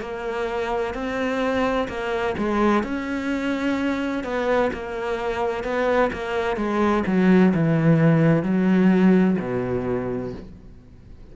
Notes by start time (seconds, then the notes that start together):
0.00 A#3
0.94 C4
1.87 A#3
2.37 G#3
2.83 C#4
4.24 B3
4.73 A#3
5.63 B3
6.12 A#3
6.56 G#3
7.06 F#3
7.54 E3
8.43 F#3
9.39 B2